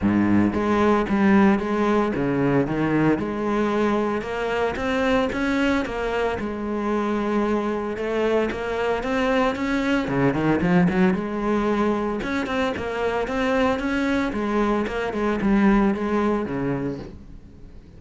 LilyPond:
\new Staff \with { instrumentName = "cello" } { \time 4/4 \tempo 4 = 113 gis,4 gis4 g4 gis4 | cis4 dis4 gis2 | ais4 c'4 cis'4 ais4 | gis2. a4 |
ais4 c'4 cis'4 cis8 dis8 | f8 fis8 gis2 cis'8 c'8 | ais4 c'4 cis'4 gis4 | ais8 gis8 g4 gis4 cis4 | }